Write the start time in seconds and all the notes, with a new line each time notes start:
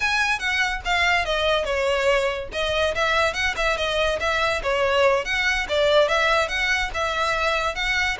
0.00 G#5
0.39 F#5
0.84 F5
1.25 D#5
1.64 C#5
2.52 D#5
2.94 E5
3.33 F#5
3.56 E5
3.77 D#5
4.20 E5
4.62 C#5
5.24 F#5
5.68 D5
6.08 E5
6.48 F#5
6.93 E5
7.75 F#5